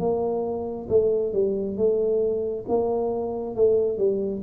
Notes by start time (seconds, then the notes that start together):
0.00 A#3
0.89 A3
1.34 G3
1.77 A3
2.69 A#3
3.56 A3
3.98 G3